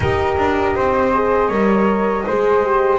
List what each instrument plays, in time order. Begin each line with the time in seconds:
0.00 double bass D#4, horn G4, flute A#4 D#5
0.37 double bass D4
0.75 double bass C4, flute C5
1.13 horn G#4
1.48 double bass G3, horn A#4, flute C#5
2.27 double bass G#3, horn G#4, flute C5
2.63 horn G4